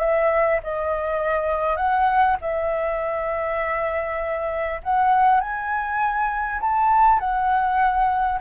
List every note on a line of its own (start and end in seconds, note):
0.00 0.60 E5
0.63 1.77 D#5
1.77 2.37 F#5
2.41 4.81 E5
4.83 5.41 F#5
5.41 6.61 G#5
6.61 7.19 A5
7.19 8.39 F#5